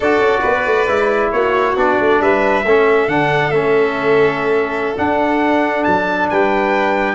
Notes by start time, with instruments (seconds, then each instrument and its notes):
0.00 tuba D4, trombone F#4, violin A4, trumpet D5
0.18 tuba C#4
0.41 tuba B3, violin B4
0.66 tuba A3
0.87 tuba G#3, trombone E4
1.31 tuba A#3, violin F#4, trumpet C#5
1.76 tuba B3, trombone D4, trumpet D5
1.99 tuba A3
2.20 tuba G3, violin B4, trumpet E5
2.64 tuba A3, trombone C#4, violin A4
3.07 tuba D3, trombone D4, trumpet F#5
3.51 tuba A3, trombone C#4, trumpet E5
4.96 trombone D4, tuba D4, trumpet F#5
5.84 tuba F#3, trumpet A5
6.29 tuba G3, violin B4, trumpet G5